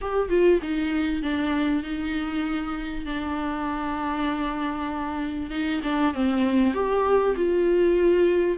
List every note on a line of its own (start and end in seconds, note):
0.01 0.29 G4
0.29 0.60 F4
0.62 1.22 D#4
1.22 1.83 D4
1.83 3.05 D#4
3.05 5.50 D4
5.50 5.81 D#4
5.83 6.14 D4
6.14 6.73 C4
6.73 7.35 G4
7.36 8.57 F4